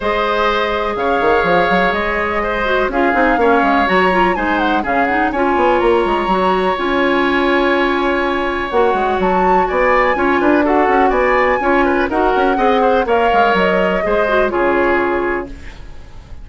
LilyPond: <<
  \new Staff \with { instrumentName = "flute" } { \time 4/4 \tempo 4 = 124 dis''2 f''2 | dis''2 f''2 | ais''4 gis''8 fis''8 f''8 fis''8 gis''4 | ais''2 gis''2~ |
gis''2 fis''4 a''4 | gis''2 fis''4 gis''4~ | gis''4 fis''2 f''4 | dis''2 cis''2 | }
  \new Staff \with { instrumentName = "oboe" } { \time 4/4 c''2 cis''2~ | cis''4 c''4 gis'4 cis''4~ | cis''4 c''4 gis'4 cis''4~ | cis''1~ |
cis''1 | d''4 cis''8 b'8 a'4 d''4 | cis''8 b'8 ais'4 dis''8 c''8 cis''4~ | cis''4 c''4 gis'2 | }
  \new Staff \with { instrumentName = "clarinet" } { \time 4/4 gis'1~ | gis'4. fis'8 f'8 dis'8 cis'4 | fis'8 f'8 dis'4 cis'8 dis'8 f'4~ | f'4 fis'4 f'2~ |
f'2 fis'2~ | fis'4 f'4 fis'2 | f'4 fis'4 gis'4 ais'4~ | ais'4 gis'8 fis'8 f'2 | }
  \new Staff \with { instrumentName = "bassoon" } { \time 4/4 gis2 cis8 dis8 f8 fis8 | gis2 cis'8 c'8 ais8 gis8 | fis4 gis4 cis4 cis'8 b8 | ais8 gis8 fis4 cis'2~ |
cis'2 ais8 gis8 fis4 | b4 cis'8 d'4 cis'8 b4 | cis'4 dis'8 cis'8 c'4 ais8 gis8 | fis4 gis4 cis2 | }
>>